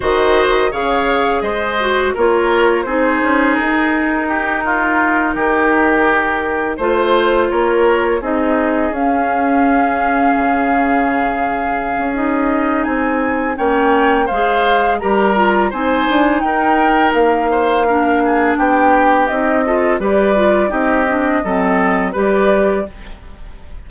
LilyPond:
<<
  \new Staff \with { instrumentName = "flute" } { \time 4/4 \tempo 4 = 84 dis''4 f''4 dis''4 cis''4 | c''4 ais'2.~ | ais'4. c''4 cis''4 dis''8~ | dis''8 f''2.~ f''8~ |
f''4 dis''4 gis''4 g''4 | f''4 ais''4 gis''4 g''4 | f''2 g''4 dis''4 | d''4 dis''2 d''4 | }
  \new Staff \with { instrumentName = "oboe" } { \time 4/4 c''4 cis''4 c''4 ais'4 | gis'2 g'8 f'4 g'8~ | g'4. c''4 ais'4 gis'8~ | gis'1~ |
gis'2. cis''4 | c''4 ais'4 c''4 ais'4~ | ais'8 c''8 ais'8 gis'8 g'4. a'8 | b'4 g'4 a'4 b'4 | }
  \new Staff \with { instrumentName = "clarinet" } { \time 4/4 fis'4 gis'4. fis'8 f'4 | dis'1~ | dis'4. f'2 dis'8~ | dis'8 cis'2.~ cis'8~ |
cis'4 dis'2 cis'4 | gis'4 g'8 f'8 dis'2~ | dis'4 d'2 dis'8 f'8 | g'8 f'8 dis'8 d'8 c'4 g'4 | }
  \new Staff \with { instrumentName = "bassoon" } { \time 4/4 dis4 cis4 gis4 ais4 | c'8 cis'8 dis'2~ dis'8 dis8~ | dis4. a4 ais4 c'8~ | c'8 cis'2 cis4.~ |
cis8. cis'4~ cis'16 c'4 ais4 | gis4 g4 c'8 d'8 dis'4 | ais2 b4 c'4 | g4 c'4 fis4 g4 | }
>>